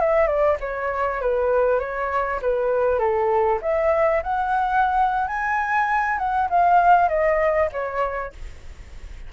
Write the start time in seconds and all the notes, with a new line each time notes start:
0.00 E5
0.27 D5
0.61 C#5
1.21 B4
1.80 C#5
2.42 B4
2.99 A4
3.62 E5
4.23 F#5
5.28 G#5
6.18 F#5
6.50 F5
7.09 D#5
7.72 C#5